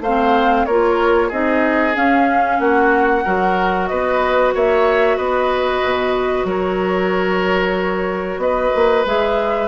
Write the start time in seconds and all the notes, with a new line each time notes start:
0.00 A3 C5 F5
0.06 C4
0.65 A#3 F4 A#4 C#5
1.28 C4 D#4 G#4 D#5
1.93 C#4 F5
2.59 A#3 F#4 F#5
3.24 F#3 F#4 A#4
3.87 B3 B4 D#5
4.54 A#3 C#5 E5
5.17 B3 B4 D#5
5.84 B2
6.44 F#3 A#4 C#5
8.37 B3 B4 D#5
8.75 A#3
9.05 G#3 G#4 E5